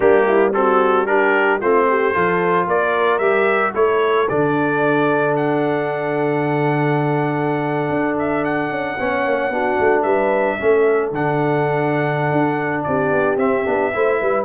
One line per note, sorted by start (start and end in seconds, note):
0.00 1.60 G3
0.00 0.53 A#3
0.00 0.26 D4
0.00 0.52 G4
0.27 0.54 E4
0.53 1.06 C4
0.53 1.08 F#4
0.53 1.06 A4
1.06 1.59 D4
1.06 1.60 G4
1.06 1.59 A#4
1.60 2.14 A3
1.60 2.13 C4
1.60 1.87 F4
1.60 2.68 C5
1.89 2.14 G4
2.13 2.66 F3
2.13 3.20 F4
2.13 2.66 A4
2.66 3.19 A#3
2.66 3.73 A#4
2.66 3.18 D5
3.18 3.72 G3
3.18 3.74 G4
3.18 3.72 E5
3.74 4.28 A3
3.74 4.27 E4
3.74 8.97 A4
3.74 4.28 C#5
4.28 7.89 D3
4.28 8.98 D4
4.28 5.35 D5
5.36 8.17 F#5
7.89 8.69 D4
8.18 8.44 E5
8.44 10.02 F#5
8.69 8.95 C#4
8.99 9.25 B3
8.99 9.51 C#4
8.99 9.52 C#5
9.25 9.49 A#3
9.49 9.76 B3
9.49 10.58 D4
9.49 10.03 F#4
9.79 10.03 A3
10.02 10.57 G3
10.02 10.56 B4
10.02 11.09 E5
10.58 11.11 A3
10.58 11.12 C#4
10.58 12.86 A4
11.11 12.31 D3
11.11 13.38 D4
11.11 12.83 F#5
12.31 12.85 D4
12.83 13.11 C4
12.83 13.94 G4
12.83 13.36 D5
13.11 13.36 B3
13.36 13.63 C4
13.36 13.65 C4
13.36 14.44 E5
13.65 13.93 B3
13.65 13.92 D4
13.93 14.21 A3
13.93 14.44 E4
13.93 14.20 C5
14.20 14.44 G3
14.20 14.44 B4